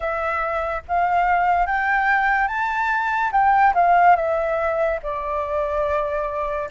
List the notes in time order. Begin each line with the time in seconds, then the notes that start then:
0.00 E5
0.87 F5
1.66 G5
2.47 A5
3.31 G5
3.74 F5
4.16 E5
5.02 D5